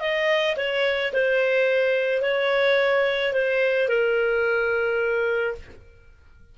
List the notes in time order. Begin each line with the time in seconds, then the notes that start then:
0.00 D#5
0.57 C#5
1.13 C5
2.22 C#5
3.33 C5
3.89 A#4